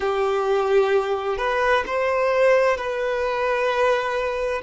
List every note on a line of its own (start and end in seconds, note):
0.00 1.37 G4
1.37 1.83 B4
1.86 2.77 C5
2.77 4.62 B4